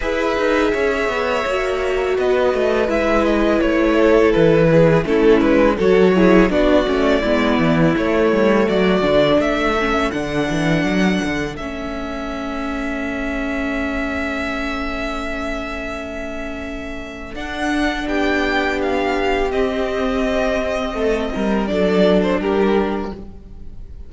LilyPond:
<<
  \new Staff \with { instrumentName = "violin" } { \time 4/4 \tempo 4 = 83 e''2. dis''4 | e''8 dis''8 cis''4 b'4 a'8 b'8 | cis''4 d''2 cis''4 | d''4 e''4 fis''2 |
e''1~ | e''1 | fis''4 g''4 f''4 dis''4~ | dis''2 d''8. c''16 ais'4 | }
  \new Staff \with { instrumentName = "violin" } { \time 4/4 b'4 cis''2 b'4~ | b'4. a'4 gis'8 e'4 | a'8 gis'8 fis'4 e'2 | fis'4 a'2.~ |
a'1~ | a'1~ | a'4 g'2.~ | g'4 a'8 ais'8 a'4 g'4 | }
  \new Staff \with { instrumentName = "viola" } { \time 4/4 gis'2 fis'2 | e'2. cis'4 | fis'8 e'8 d'8 cis'8 b4 a4~ | a8 d'4 cis'8 d'2 |
cis'1~ | cis'1 | d'2. c'4~ | c'2 d'2 | }
  \new Staff \with { instrumentName = "cello" } { \time 4/4 e'8 dis'8 cis'8 b8 ais4 b8 a8 | gis4 a4 e4 a8 gis8 | fis4 b8 a8 gis8 e8 a8 g8 | fis8 d8 a4 d8 e8 fis8 d8 |
a1~ | a1 | d'4 b2 c'4~ | c'4 a8 g8 fis4 g4 | }
>>